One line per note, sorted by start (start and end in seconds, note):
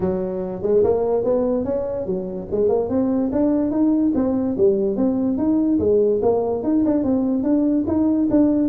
0.00 0.62 F#3
0.62 0.83 G#3
0.83 1.24 A#3
1.24 1.64 B3
1.64 2.06 C#4
2.06 2.47 F#3
2.51 2.69 G#3
2.69 2.89 A#3
2.89 3.30 C4
3.31 3.71 D4
3.71 4.12 D#4
4.15 4.56 C4
4.57 4.96 G3
4.96 5.37 C4
5.37 5.78 D#4
5.79 6.20 G#3
6.22 6.63 A#3
6.63 6.84 D#4
6.85 7.03 D4
7.03 7.43 C4
7.43 7.84 D4
7.87 8.28 D#4
8.30 8.68 D4